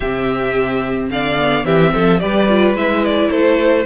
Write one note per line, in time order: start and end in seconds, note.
0.00 1.10 C3
0.00 1.38 C4
0.00 1.10 G4
0.00 1.09 E5
1.10 1.65 D3
1.10 1.65 D5
1.10 1.65 F5
1.38 1.64 B3
1.64 1.92 E3
1.64 2.19 C4
1.64 1.93 G4
1.64 2.19 E5
1.93 2.22 F3
1.93 2.20 A4
2.19 2.73 G3
2.19 2.46 G4
2.19 3.30 B4
2.19 2.74 D5
2.48 2.76 F4
2.73 3.28 G#3
2.73 3.85 E4
2.73 3.04 E5
3.04 3.30 D5
3.30 3.85 A3
3.30 3.85 A4
3.30 3.85 C5